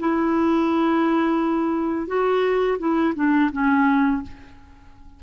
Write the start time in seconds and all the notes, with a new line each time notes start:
0.00 E4
2.08 F#4
2.79 E4
3.16 D4
3.52 C#4